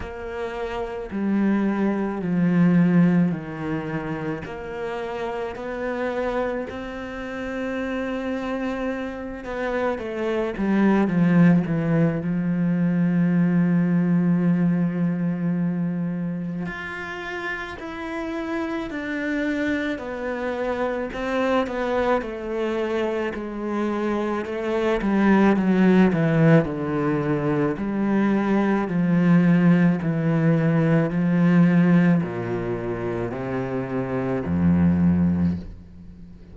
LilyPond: \new Staff \with { instrumentName = "cello" } { \time 4/4 \tempo 4 = 54 ais4 g4 f4 dis4 | ais4 b4 c'2~ | c'8 b8 a8 g8 f8 e8 f4~ | f2. f'4 |
e'4 d'4 b4 c'8 b8 | a4 gis4 a8 g8 fis8 e8 | d4 g4 f4 e4 | f4 ais,4 c4 f,4 | }